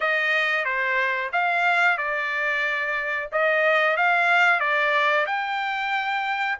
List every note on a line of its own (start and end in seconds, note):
0.00 0.64 D#5
0.64 1.30 C5
1.32 1.97 F5
1.97 3.29 D5
3.31 3.97 D#5
3.97 4.60 F5
4.60 5.26 D5
5.26 6.58 G5